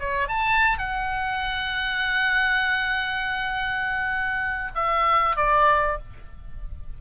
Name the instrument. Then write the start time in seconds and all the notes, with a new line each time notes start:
oboe
0.00 C#5
0.29 A5
0.79 F#5
4.75 E5
5.37 D5